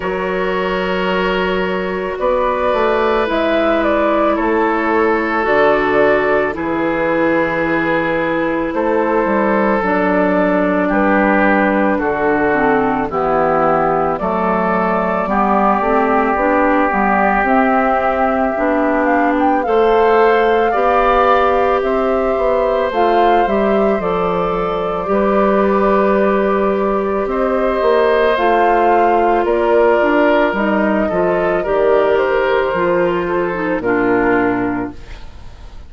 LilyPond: <<
  \new Staff \with { instrumentName = "flute" } { \time 4/4 \tempo 4 = 55 cis''2 d''4 e''8 d''8 | cis''4 d''4 b'2 | c''4 d''4 b'4 a'4 | g'4 d''2. |
e''4. f''16 g''16 f''2 | e''4 f''8 e''8 d''2~ | d''4 dis''4 f''4 d''4 | dis''4 d''8 c''4. ais'4 | }
  \new Staff \with { instrumentName = "oboe" } { \time 4/4 ais'2 b'2 | a'2 gis'2 | a'2 g'4 fis'4 | e'4 a'4 g'2~ |
g'2 c''4 d''4 | c''2. b'4~ | b'4 c''2 ais'4~ | ais'8 a'8 ais'4. a'8 f'4 | }
  \new Staff \with { instrumentName = "clarinet" } { \time 4/4 fis'2. e'4~ | e'4 fis'4 e'2~ | e'4 d'2~ d'8 c'8 | b4 a4 b8 c'8 d'8 b8 |
c'4 d'4 a'4 g'4~ | g'4 f'8 g'8 a'4 g'4~ | g'2 f'2 | dis'8 f'8 g'4 f'8. dis'16 d'4 | }
  \new Staff \with { instrumentName = "bassoon" } { \time 4/4 fis2 b8 a8 gis4 | a4 d4 e2 | a8 g8 fis4 g4 d4 | e4 fis4 g8 a8 b8 g8 |
c'4 b4 a4 b4 | c'8 b8 a8 g8 f4 g4~ | g4 c'8 ais8 a4 ais8 d'8 | g8 f8 dis4 f4 ais,4 | }
>>